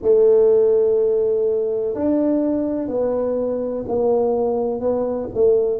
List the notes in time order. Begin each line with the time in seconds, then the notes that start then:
0.02 A3
1.94 D4
2.88 B3
3.88 A#3
4.80 B3
5.34 A3